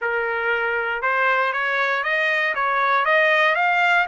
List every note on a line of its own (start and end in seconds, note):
0.01 1.02 A#4
1.02 1.53 C5
1.53 2.03 C#5
2.03 2.54 D#5
2.54 3.05 C#5
3.05 3.55 D#5
3.55 4.06 F5